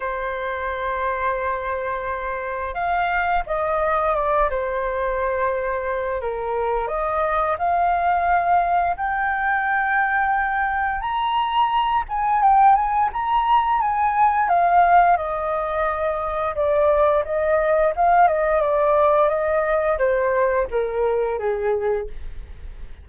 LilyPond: \new Staff \with { instrumentName = "flute" } { \time 4/4 \tempo 4 = 87 c''1 | f''4 dis''4 d''8 c''4.~ | c''4 ais'4 dis''4 f''4~ | f''4 g''2. |
ais''4. gis''8 g''8 gis''8 ais''4 | gis''4 f''4 dis''2 | d''4 dis''4 f''8 dis''8 d''4 | dis''4 c''4 ais'4 gis'4 | }